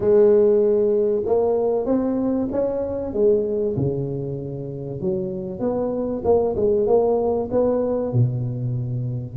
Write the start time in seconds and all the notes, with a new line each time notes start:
0.00 G#3
1.25 A#3
1.85 C4
2.51 C#4
3.12 G#3
3.76 C#3
5.00 F#3
5.59 B3
6.24 A#3
6.55 G#3
6.86 A#3
7.51 B3
8.12 B2